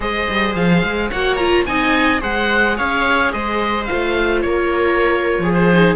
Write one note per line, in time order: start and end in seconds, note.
0.00 0.27 G#3
0.00 1.11 G#4
0.00 1.10 C5
0.00 0.55 D#5
0.29 0.55 G3
0.55 0.83 F3
0.55 1.11 F5
0.83 1.10 G#3
1.10 1.66 A#3
1.10 1.38 F#4
1.10 1.65 C#5
1.10 1.36 F#5
1.36 1.66 F4
1.36 1.64 A#5
1.66 2.21 C4
1.66 2.19 D#4
1.66 2.20 D#5
1.66 2.21 G#5
2.19 2.79 G#3
2.19 3.86 G#4
2.19 2.76 C5
2.19 2.78 F#5
2.76 3.33 C#4
2.76 3.32 C#5
2.76 3.32 F5
3.32 3.88 G#3
3.32 4.44 C5
3.32 3.85 D#5
3.85 5.68 F4
3.85 4.40 F5
3.92 4.43 A3
4.41 5.38 A#3
4.41 5.42 A#4
4.41 5.52 C#5
5.38 5.93 F3
5.38 5.96 G#4
5.53 5.94 C5
5.73 5.96 D#4